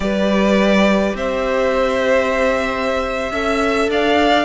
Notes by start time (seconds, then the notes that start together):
0.00 G3 G4 B4 D5
1.14 C4 C5 E5
3.31 C#4 A4 E5
3.88 D4 D5 F5